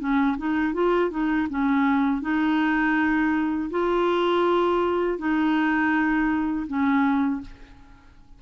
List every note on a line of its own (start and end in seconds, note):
0.00 0.37 C#4
0.38 0.74 D#4
0.74 1.11 F4
1.11 1.48 D#4
1.50 2.22 C#4
2.22 3.70 D#4
3.71 5.19 F4
5.19 6.67 D#4
6.67 7.41 C#4